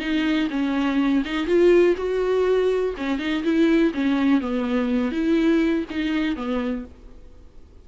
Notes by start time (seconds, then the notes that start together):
0.00 D#4
0.50 C#4
1.25 D#4
1.47 F4
1.97 F#4
2.98 C#4
3.19 D#4
3.44 E4
3.94 C#4
4.41 B3
5.12 E4
5.91 D#4
6.36 B3